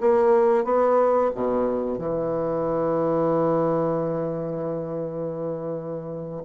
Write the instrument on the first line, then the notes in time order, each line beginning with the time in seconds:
bassoon
0.00 A#3
0.64 B3
1.35 B2
1.98 E3